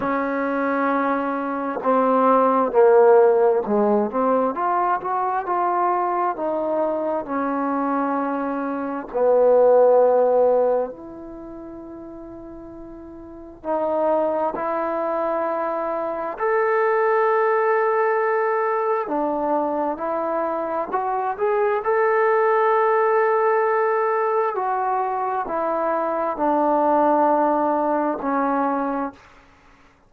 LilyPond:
\new Staff \with { instrumentName = "trombone" } { \time 4/4 \tempo 4 = 66 cis'2 c'4 ais4 | gis8 c'8 f'8 fis'8 f'4 dis'4 | cis'2 b2 | e'2. dis'4 |
e'2 a'2~ | a'4 d'4 e'4 fis'8 gis'8 | a'2. fis'4 | e'4 d'2 cis'4 | }